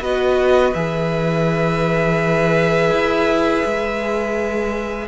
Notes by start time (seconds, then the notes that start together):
0.00 B3 F#4 B4 D#5
0.74 E3 G#4 E5
2.91 E4
3.65 G#3